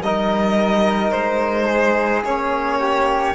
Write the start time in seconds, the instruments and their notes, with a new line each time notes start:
0.00 cello G3, trombone D#4, flute A#4, violin D#5
1.11 cello G#3, violin C5
1.66 flute G#4
2.24 cello A#3, trombone C#4, violin C#5
2.78 flute G4